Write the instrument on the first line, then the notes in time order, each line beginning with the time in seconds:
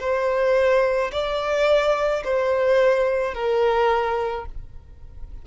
violin
0.00 C5
1.12 D5
2.24 C5
3.34 A#4